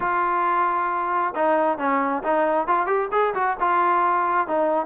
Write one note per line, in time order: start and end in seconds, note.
0.00 1.34 F4
1.35 1.78 D#4
1.78 2.22 C#4
2.23 2.67 D#4
2.67 2.86 F4
2.86 3.08 G4
3.11 3.33 G#4
3.34 3.56 F#4
3.59 4.47 F4
4.47 4.86 D#4